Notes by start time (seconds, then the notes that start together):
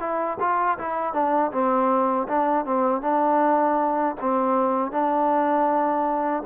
0.00 E4
0.40 F4
0.79 E4
1.14 D4
1.52 C4
2.29 D4
2.66 C4
3.02 D4
4.21 C4
4.92 D4